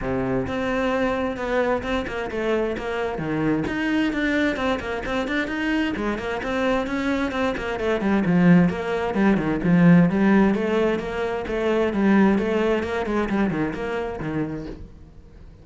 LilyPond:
\new Staff \with { instrumentName = "cello" } { \time 4/4 \tempo 4 = 131 c4 c'2 b4 | c'8 ais8 a4 ais4 dis4 | dis'4 d'4 c'8 ais8 c'8 d'8 | dis'4 gis8 ais8 c'4 cis'4 |
c'8 ais8 a8 g8 f4 ais4 | g8 dis8 f4 g4 a4 | ais4 a4 g4 a4 | ais8 gis8 g8 dis8 ais4 dis4 | }